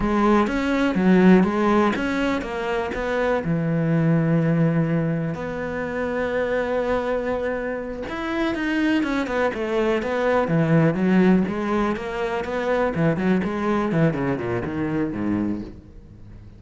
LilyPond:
\new Staff \with { instrumentName = "cello" } { \time 4/4 \tempo 4 = 123 gis4 cis'4 fis4 gis4 | cis'4 ais4 b4 e4~ | e2. b4~ | b1~ |
b8 e'4 dis'4 cis'8 b8 a8~ | a8 b4 e4 fis4 gis8~ | gis8 ais4 b4 e8 fis8 gis8~ | gis8 e8 cis8 ais,8 dis4 gis,4 | }